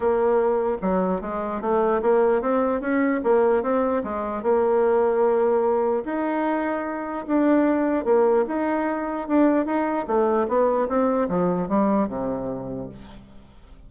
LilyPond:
\new Staff \with { instrumentName = "bassoon" } { \time 4/4 \tempo 4 = 149 ais2 fis4 gis4 | a4 ais4 c'4 cis'4 | ais4 c'4 gis4 ais4~ | ais2. dis'4~ |
dis'2 d'2 | ais4 dis'2 d'4 | dis'4 a4 b4 c'4 | f4 g4 c2 | }